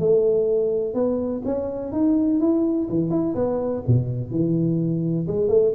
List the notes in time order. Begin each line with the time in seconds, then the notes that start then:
0.00 A3
0.94 B3
1.46 C#4
1.92 D#4
2.41 E4
2.90 E3
3.11 E4
3.35 B3
3.87 B2
4.31 E3
5.28 G#3
5.49 A3